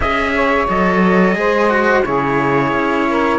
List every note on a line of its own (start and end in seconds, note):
0.00 0.66 C#4
0.00 0.68 G#4
0.00 0.32 D#5
0.00 0.68 E5
0.35 1.37 C#5
0.68 1.35 F#3
0.68 1.35 A4
0.68 2.04 D#5
1.35 2.03 G#3
1.35 1.69 G#4
1.35 2.05 C5
1.69 2.03 F#4
2.04 2.72 C#3
2.04 3.39 E4
2.04 3.07 G#4
2.04 3.39 C#5
2.72 3.39 C#4
3.09 3.39 A#4